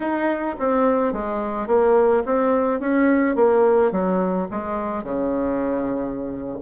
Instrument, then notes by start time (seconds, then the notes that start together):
bassoon
0.00 D#4
0.59 C4
1.12 G#3
1.67 A#3
2.25 C4
2.80 C#4
3.35 A#3
3.91 F#3
4.50 G#3
5.03 C#3